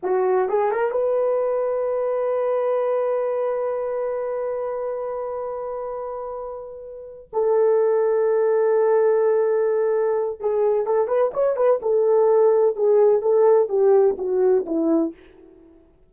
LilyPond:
\new Staff \with { instrumentName = "horn" } { \time 4/4 \tempo 4 = 127 fis'4 gis'8 ais'8 b'2~ | b'1~ | b'1~ | b'2.~ b'8 a'8~ |
a'1~ | a'2 gis'4 a'8 b'8 | cis''8 b'8 a'2 gis'4 | a'4 g'4 fis'4 e'4 | }